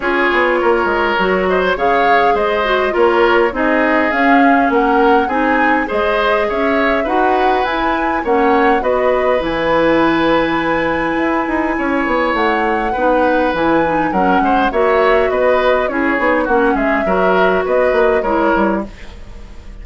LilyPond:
<<
  \new Staff \with { instrumentName = "flute" } { \time 4/4 \tempo 4 = 102 cis''2~ cis''8 dis''16 cis''16 f''4 | dis''4 cis''4 dis''4 f''4 | fis''4 gis''4 dis''4 e''4 | fis''4 gis''4 fis''4 dis''4 |
gis''1~ | gis''4 fis''2 gis''4 | fis''4 e''4 dis''4 cis''4 | fis''8 e''4. dis''4 cis''4 | }
  \new Staff \with { instrumentName = "oboe" } { \time 4/4 gis'4 ais'4. c''8 cis''4 | c''4 ais'4 gis'2 | ais'4 gis'4 c''4 cis''4 | b'2 cis''4 b'4~ |
b'1 | cis''2 b'2 | ais'8 c''8 cis''4 b'4 gis'4 | fis'8 gis'8 ais'4 b'4 ais'4 | }
  \new Staff \with { instrumentName = "clarinet" } { \time 4/4 f'2 fis'4 gis'4~ | gis'8 fis'8 f'4 dis'4 cis'4~ | cis'4 dis'4 gis'2 | fis'4 e'4 cis'4 fis'4 |
e'1~ | e'2 dis'4 e'8 dis'8 | cis'4 fis'2 e'8 dis'8 | cis'4 fis'2 e'4 | }
  \new Staff \with { instrumentName = "bassoon" } { \time 4/4 cis'8 b8 ais8 gis8 fis4 cis4 | gis4 ais4 c'4 cis'4 | ais4 c'4 gis4 cis'4 | dis'4 e'4 ais4 b4 |
e2. e'8 dis'8 | cis'8 b8 a4 b4 e4 | fis8 gis8 ais4 b4 cis'8 b8 | ais8 gis8 fis4 b8 ais8 gis8 g8 | }
>>